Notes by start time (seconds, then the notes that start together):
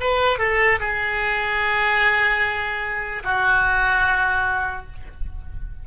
0.00 B4
0.39 A4
0.80 G#4
3.24 F#4